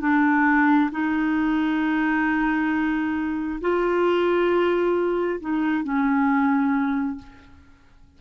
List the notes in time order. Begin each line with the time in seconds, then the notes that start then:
0.00 D4
0.91 D#4
3.61 F4
5.40 D#4
5.83 C#4